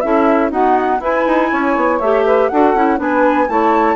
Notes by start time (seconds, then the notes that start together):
0.00 C#4 E4 A4 E5
0.50 B3 D#4 F#4 F#5
1.00 E4 B4 G#5
1.26 D#4
1.50 C#4 C#5
1.76 B3
1.99 A3 G4 E5
2.24 B4
2.48 D4 F#4 A4 F#5
2.74 C#4 E4
2.97 B3 D4 B4 G#5
3.48 A3 E4 C#5 A5